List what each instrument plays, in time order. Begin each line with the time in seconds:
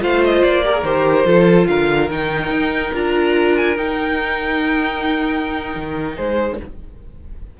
0.00 cello A3, viola F4, violin C5 F5
0.24 violin D#5
0.43 cello A#3, violin D5
0.64 viola G4, violin A#4
0.72 viola G#4
0.83 cello D#3, viola G4, violin C5
1.25 cello F3, viola F4, violin A4
1.67 cello D3, violin A#4 F5
2.10 cello D#3, viola D#4, violin G5
2.50 cello D#4
2.93 cello D4, viola F4, violin A#5
3.57 violin G#5
3.76 viola D#4, cello D#4, violin G5
5.75 cello D#3
6.15 cello G#3, violin G#4 C5